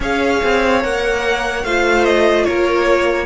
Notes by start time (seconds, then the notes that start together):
0.00 C#4 G#4 C#5 F5
0.43 C4
0.81 A#3 A#4 F#5
1.64 A3 F4 C5 F5
2.04 D#5
2.44 A#3 A#4 C#5